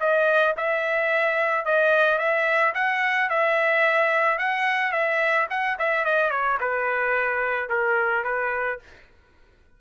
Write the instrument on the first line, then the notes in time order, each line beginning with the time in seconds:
trumpet
0.00 D#5
0.57 E5
1.65 D#5
2.18 E5
2.75 F#5
3.30 E5
4.39 F#5
4.92 E5
5.50 F#5
5.79 E5
6.05 D#5
6.31 C#5
6.60 B4
7.69 A#4
8.24 B4